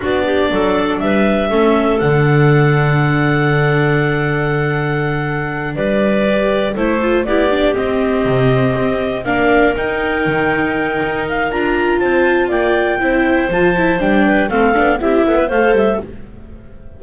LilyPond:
<<
  \new Staff \with { instrumentName = "clarinet" } { \time 4/4 \tempo 4 = 120 d''2 e''2 | fis''1~ | fis''2.~ fis''8 d''8~ | d''4. c''4 d''4 dis''8~ |
dis''2~ dis''8 f''4 g''8~ | g''2~ g''8 f''8 ais''4 | a''4 g''2 a''4 | g''4 f''4 e''4 f''8 e''8 | }
  \new Staff \with { instrumentName = "clarinet" } { \time 4/4 fis'8 g'8 a'4 b'4 a'4~ | a'1~ | a'2.~ a'8 b'8~ | b'4. a'4 g'4.~ |
g'2~ g'8 ais'4.~ | ais'1 | c''4 d''4 c''2~ | c''8 b'8 a'4 g'8 a'16 b'16 c''4 | }
  \new Staff \with { instrumentName = "viola" } { \time 4/4 d'2. cis'4 | d'1~ | d'1~ | d'8 g'4 e'8 f'8 e'8 d'8 c'8~ |
c'2~ c'8 d'4 dis'8~ | dis'2. f'4~ | f'2 e'4 f'8 e'8 | d'4 c'8 d'8 e'4 a'4 | }
  \new Staff \with { instrumentName = "double bass" } { \time 4/4 b4 fis4 g4 a4 | d1~ | d2.~ d8 g8~ | g4. a4 b4 c'8~ |
c'8 c4 c'4 ais4 dis'8~ | dis'8 dis4. dis'4 d'4 | c'4 ais4 c'4 f4 | g4 a8 b8 c'8 b8 a8 g8 | }
>>